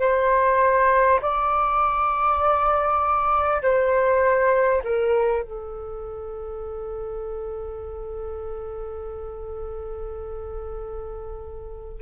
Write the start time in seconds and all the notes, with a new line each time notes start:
0.00 C5
1.22 D5
3.62 C5
4.84 A#4
5.43 A4